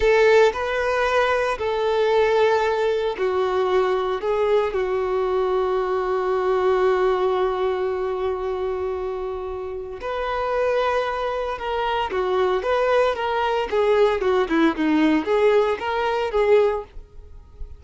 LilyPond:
\new Staff \with { instrumentName = "violin" } { \time 4/4 \tempo 4 = 114 a'4 b'2 a'4~ | a'2 fis'2 | gis'4 fis'2.~ | fis'1~ |
fis'2. b'4~ | b'2 ais'4 fis'4 | b'4 ais'4 gis'4 fis'8 e'8 | dis'4 gis'4 ais'4 gis'4 | }